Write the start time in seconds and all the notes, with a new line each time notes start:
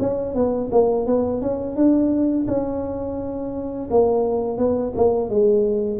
0.00 C#4
0.35 B3
0.72 A#3
1.07 B3
1.42 C#4
1.76 D4
2.48 C#4
3.91 A#3
4.58 B3
4.96 A#3
5.30 G#3